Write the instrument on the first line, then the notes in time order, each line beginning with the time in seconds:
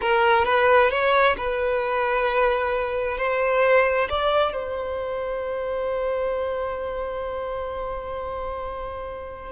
violin
0.01 A#4
0.44 B4
0.90 C#5
1.37 B4
3.17 C5
4.09 D5
4.52 C5